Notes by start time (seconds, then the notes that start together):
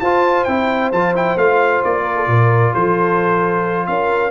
0.00 F4 C5 A5
0.44 C4 E4 G5
0.92 F3 F4 A5
1.15 E4 G5
1.36 A3 F4 F5
1.84 A#3 D5
2.04 A#4
2.16 A4
2.27 A#2 A#4
2.74 F3 A4 C5
3.87 C#4 A#4 F5